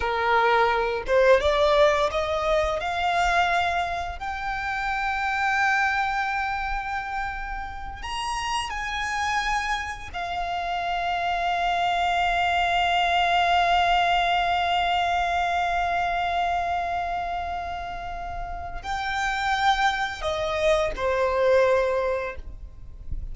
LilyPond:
\new Staff \with { instrumentName = "violin" } { \time 4/4 \tempo 4 = 86 ais'4. c''8 d''4 dis''4 | f''2 g''2~ | g''2.~ g''8 ais''8~ | ais''8 gis''2 f''4.~ |
f''1~ | f''1~ | f''2. g''4~ | g''4 dis''4 c''2 | }